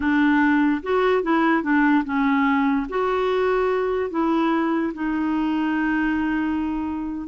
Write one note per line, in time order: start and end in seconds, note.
0.00 0.81 D4
0.82 1.22 F#4
1.22 1.62 E4
1.62 2.03 D4
2.04 2.87 C#4
2.89 4.10 F#4
4.10 4.92 E4
4.94 7.27 D#4